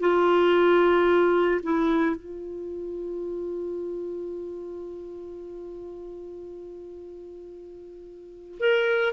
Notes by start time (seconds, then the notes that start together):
0.00 F4
1.63 E4
2.16 F4
8.60 A#4